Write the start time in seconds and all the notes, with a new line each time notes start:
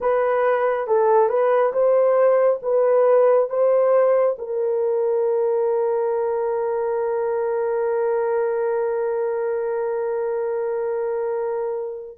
0.00 B4
0.87 A4
1.28 B4
1.72 C5
2.62 B4
3.49 C5
4.38 A#4